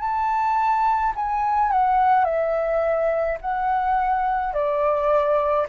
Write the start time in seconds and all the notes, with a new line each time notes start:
0.00 A5
1.16 G#5
1.71 F#5
2.25 E5
3.41 F#5
4.54 D5